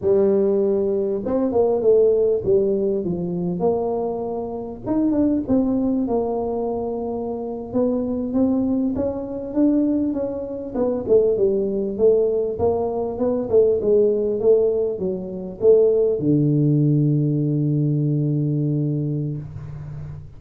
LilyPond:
\new Staff \with { instrumentName = "tuba" } { \time 4/4 \tempo 4 = 99 g2 c'8 ais8 a4 | g4 f4 ais2 | dis'8 d'8 c'4 ais2~ | ais8. b4 c'4 cis'4 d'16~ |
d'8. cis'4 b8 a8 g4 a16~ | a8. ais4 b8 a8 gis4 a16~ | a8. fis4 a4 d4~ d16~ | d1 | }